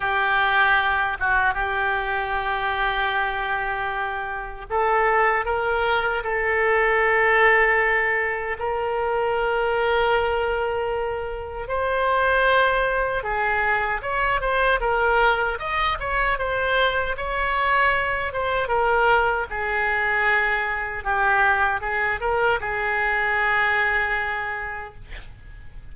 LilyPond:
\new Staff \with { instrumentName = "oboe" } { \time 4/4 \tempo 4 = 77 g'4. fis'8 g'2~ | g'2 a'4 ais'4 | a'2. ais'4~ | ais'2. c''4~ |
c''4 gis'4 cis''8 c''8 ais'4 | dis''8 cis''8 c''4 cis''4. c''8 | ais'4 gis'2 g'4 | gis'8 ais'8 gis'2. | }